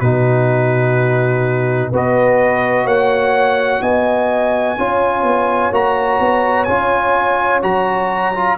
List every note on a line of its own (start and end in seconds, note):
0.00 1.91 B2
0.00 1.93 D#4
0.00 1.91 F#4
0.00 1.90 B4
1.91 2.84 B3
1.91 4.78 F#4
1.91 2.85 B4
1.91 2.87 D#5
2.84 3.80 A#3
2.84 3.80 C#5
2.84 3.82 F#5
3.82 4.77 B3
3.82 4.77 D#5
3.82 5.72 G#5
4.78 5.23 C#4
4.78 5.72 F4
4.78 8.58 C#5
5.23 5.70 B3
5.71 6.19 A#3
5.71 6.67 F#4
5.71 6.64 A#5
6.20 6.67 B3
6.64 7.63 C#4
6.64 7.62 F4
6.64 7.59 G#5
7.62 8.58 F#3
7.62 8.34 F#4
7.62 8.58 A#5
8.34 8.58 F4